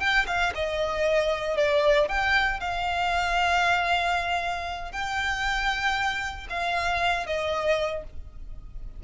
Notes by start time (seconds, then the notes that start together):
0.00 G5
0.27 F5
0.55 D#5
1.57 D5
2.09 G5
2.60 F5
4.92 G5
6.50 F5
7.26 D#5